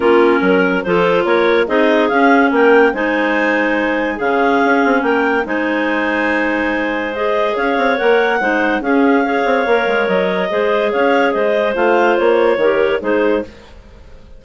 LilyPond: <<
  \new Staff \with { instrumentName = "clarinet" } { \time 4/4 \tempo 4 = 143 ais'2 c''4 cis''4 | dis''4 f''4 g''4 gis''4~ | gis''2 f''2 | g''4 gis''2.~ |
gis''4 dis''4 f''4 fis''4~ | fis''4 f''2. | dis''2 f''4 dis''4 | f''4 cis''2 c''4 | }
  \new Staff \with { instrumentName = "clarinet" } { \time 4/4 f'4 ais'4 a'4 ais'4 | gis'2 ais'4 c''4~ | c''2 gis'2 | ais'4 c''2.~ |
c''2 cis''2 | c''4 gis'4 cis''2~ | cis''4 c''4 cis''4 c''4~ | c''2 ais'4 gis'4 | }
  \new Staff \with { instrumentName = "clarinet" } { \time 4/4 cis'2 f'2 | dis'4 cis'2 dis'4~ | dis'2 cis'2~ | cis'4 dis'2.~ |
dis'4 gis'2 ais'4 | dis'4 cis'4 gis'4 ais'4~ | ais'4 gis'2. | f'2 g'4 dis'4 | }
  \new Staff \with { instrumentName = "bassoon" } { \time 4/4 ais4 fis4 f4 ais4 | c'4 cis'4 ais4 gis4~ | gis2 cis4 cis'8 c'8 | ais4 gis2.~ |
gis2 cis'8 c'8 ais4 | gis4 cis'4. c'8 ais8 gis8 | fis4 gis4 cis'4 gis4 | a4 ais4 dis4 gis4 | }
>>